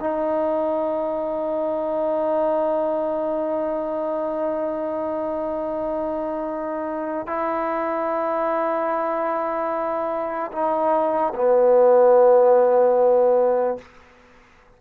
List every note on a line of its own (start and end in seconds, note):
0.00 7.27 D#4
7.27 10.51 E4
10.52 11.33 D#4
11.35 13.78 B3